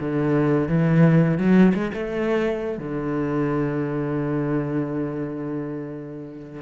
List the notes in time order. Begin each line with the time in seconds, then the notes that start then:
0.00 D3
0.68 E3
1.38 F#3
1.74 G#3
1.94 A3
2.78 D3